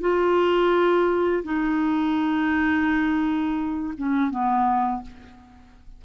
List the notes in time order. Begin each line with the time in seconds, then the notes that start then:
0.00 F4
1.43 D#4
3.97 C#4
4.30 B3